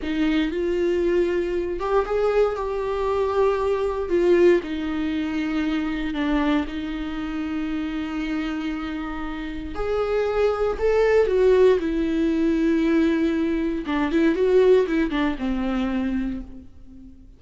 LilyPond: \new Staff \with { instrumentName = "viola" } { \time 4/4 \tempo 4 = 117 dis'4 f'2~ f'8 g'8 | gis'4 g'2. | f'4 dis'2. | d'4 dis'2.~ |
dis'2. gis'4~ | gis'4 a'4 fis'4 e'4~ | e'2. d'8 e'8 | fis'4 e'8 d'8 c'2 | }